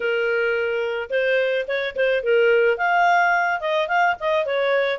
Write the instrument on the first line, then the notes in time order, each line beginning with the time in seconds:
clarinet
0.00 A#4
1.10 C5
1.67 C#5
1.95 C5
2.23 A#4
2.77 F5
3.60 D#5
3.88 F5
4.19 D#5
4.45 C#5